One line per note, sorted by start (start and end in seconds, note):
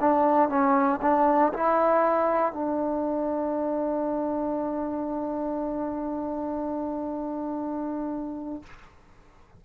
0.00 0.49 D4
0.49 1.00 C#4
1.02 1.53 D4
1.53 2.52 E4
2.52 8.63 D4